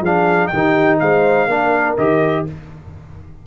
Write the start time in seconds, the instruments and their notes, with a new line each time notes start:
0.00 tuba F3, trombone D4, horn G#4, trumpet F5
0.47 tuba D#3, horn G4, trumpet G5
0.54 trombone D#4
0.99 tuba G#3, horn C5, trumpet F5
1.47 tuba A#3, trombone D4, horn A#4
1.97 tuba D#3, trombone G4, trumpet D#5